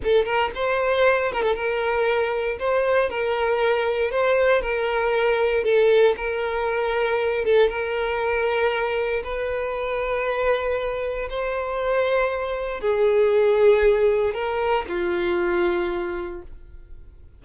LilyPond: \new Staff \with { instrumentName = "violin" } { \time 4/4 \tempo 4 = 117 a'8 ais'8 c''4. ais'16 a'16 ais'4~ | ais'4 c''4 ais'2 | c''4 ais'2 a'4 | ais'2~ ais'8 a'8 ais'4~ |
ais'2 b'2~ | b'2 c''2~ | c''4 gis'2. | ais'4 f'2. | }